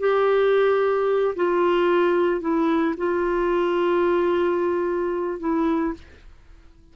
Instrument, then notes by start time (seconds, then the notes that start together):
clarinet
0.00 G4
1.36 F4
2.41 E4
2.98 F4
5.40 E4